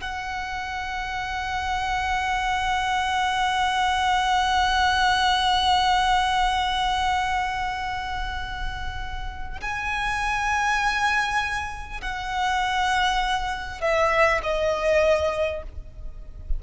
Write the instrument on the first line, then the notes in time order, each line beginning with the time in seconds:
violin
0.00 F#5
9.61 G#5
12.01 F#5
13.81 E5
14.43 D#5